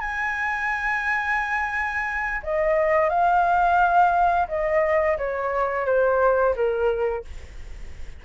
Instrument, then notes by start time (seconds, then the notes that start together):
flute
0.00 G#5
2.43 D#5
3.09 F5
4.48 D#5
5.18 C#5
5.86 C5
6.55 A#4